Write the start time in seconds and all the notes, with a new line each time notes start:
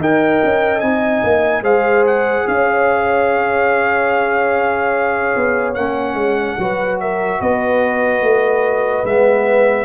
0.00 D#4 A#4 D#5 G5
0.44 C#4
0.80 C4 D#4 G#5
1.24 A#3
1.62 G#3 G#4 C5 F5
2.07 F#5
2.48 C#4 C#5 F5
5.36 B3
5.75 A#3 C#4 F#5
6.14 G#3
6.59 F#3 F#4 B4
7.01 A#4 E5
7.40 B3 B4 D#5
8.22 A3
9.04 G#3 B3 E5